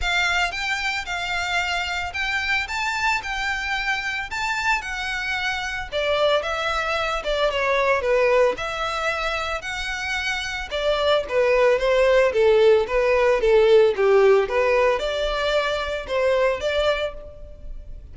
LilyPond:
\new Staff \with { instrumentName = "violin" } { \time 4/4 \tempo 4 = 112 f''4 g''4 f''2 | g''4 a''4 g''2 | a''4 fis''2 d''4 | e''4. d''8 cis''4 b'4 |
e''2 fis''2 | d''4 b'4 c''4 a'4 | b'4 a'4 g'4 b'4 | d''2 c''4 d''4 | }